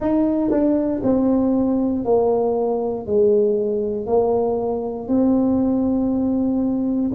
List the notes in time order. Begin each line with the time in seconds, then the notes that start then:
0.00 D#4
0.50 D4
1.03 C4
2.04 A#3
3.06 G#3
4.06 A#3
5.08 C4